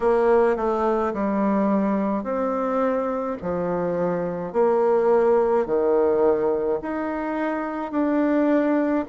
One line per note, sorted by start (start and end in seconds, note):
0.00 0.56 A#3
0.56 1.13 A3
1.13 2.23 G3
2.23 3.37 C4
3.42 4.52 F3
4.52 5.66 A#3
5.66 6.79 D#3
6.82 7.91 D#4
7.91 9.04 D4